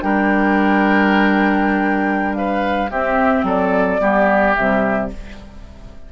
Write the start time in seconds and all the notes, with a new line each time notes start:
0.00 G3 D4 A#4 G5
2.35 B4 F5
2.90 C4 G4 E5
3.43 F#3 A4 D5
4.00 G3 B3 G4
4.55 C3 G3 E5